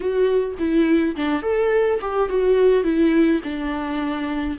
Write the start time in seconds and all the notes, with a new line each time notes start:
0.00 F#4
0.58 E4
1.16 D4
1.42 A4
2.01 G4
2.29 F#4
2.83 E4
3.43 D4